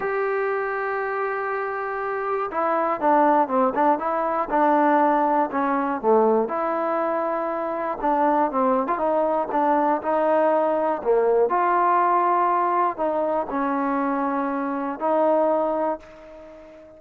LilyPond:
\new Staff \with { instrumentName = "trombone" } { \time 4/4 \tempo 4 = 120 g'1~ | g'4 e'4 d'4 c'8 d'8 | e'4 d'2 cis'4 | a4 e'2. |
d'4 c'8. f'16 dis'4 d'4 | dis'2 ais4 f'4~ | f'2 dis'4 cis'4~ | cis'2 dis'2 | }